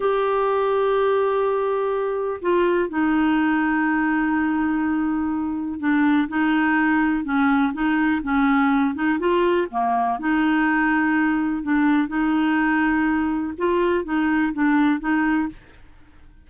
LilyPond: \new Staff \with { instrumentName = "clarinet" } { \time 4/4 \tempo 4 = 124 g'1~ | g'4 f'4 dis'2~ | dis'1 | d'4 dis'2 cis'4 |
dis'4 cis'4. dis'8 f'4 | ais4 dis'2. | d'4 dis'2. | f'4 dis'4 d'4 dis'4 | }